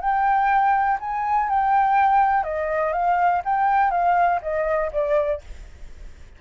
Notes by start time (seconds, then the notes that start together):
0.00 G5
1.00 G#5
1.49 G5
2.44 D#5
2.93 F5
3.45 G5
3.91 F5
4.42 D#5
4.92 D5